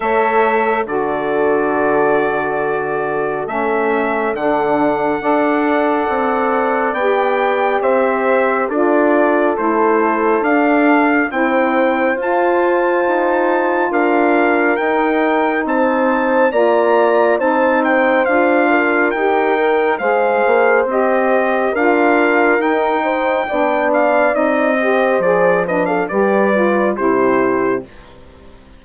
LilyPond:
<<
  \new Staff \with { instrumentName = "trumpet" } { \time 4/4 \tempo 4 = 69 e''4 d''2. | e''4 fis''2. | g''4 e''4 d''4 c''4 | f''4 g''4 a''2 |
f''4 g''4 a''4 ais''4 | a''8 g''8 f''4 g''4 f''4 | dis''4 f''4 g''4. f''8 | dis''4 d''8 dis''16 f''16 d''4 c''4 | }
  \new Staff \with { instrumentName = "horn" } { \time 4/4 cis''4 a'2.~ | a'2 d''2~ | d''4 c''4 a'2~ | a'4 c''2. |
ais'2 c''4 d''4 | c''4. ais'4. c''4~ | c''4 ais'4. c''8 d''4~ | d''8 c''4 b'16 a'16 b'4 g'4 | }
  \new Staff \with { instrumentName = "saxophone" } { \time 4/4 a'4 fis'2. | cis'4 d'4 a'2 | g'2 f'4 e'4 | d'4 e'4 f'2~ |
f'4 dis'2 f'4 | dis'4 f'4 g'8 ais'8 gis'4 | g'4 f'4 dis'4 d'4 | dis'8 g'8 gis'8 d'8 g'8 f'8 e'4 | }
  \new Staff \with { instrumentName = "bassoon" } { \time 4/4 a4 d2. | a4 d4 d'4 c'4 | b4 c'4 d'4 a4 | d'4 c'4 f'4 dis'4 |
d'4 dis'4 c'4 ais4 | c'4 d'4 dis'4 gis8 ais8 | c'4 d'4 dis'4 b4 | c'4 f4 g4 c4 | }
>>